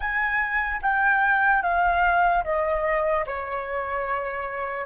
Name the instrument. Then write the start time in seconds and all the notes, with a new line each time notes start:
flute
0.00 G#5
0.81 G5
1.62 F5
2.44 D#5
3.26 C#5